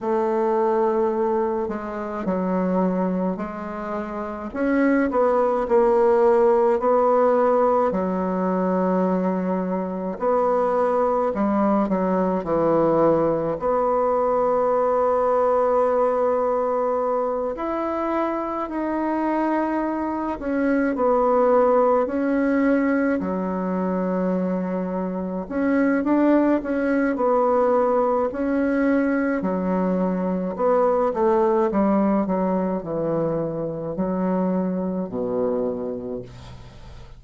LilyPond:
\new Staff \with { instrumentName = "bassoon" } { \time 4/4 \tempo 4 = 53 a4. gis8 fis4 gis4 | cis'8 b8 ais4 b4 fis4~ | fis4 b4 g8 fis8 e4 | b2.~ b8 e'8~ |
e'8 dis'4. cis'8 b4 cis'8~ | cis'8 fis2 cis'8 d'8 cis'8 | b4 cis'4 fis4 b8 a8 | g8 fis8 e4 fis4 b,4 | }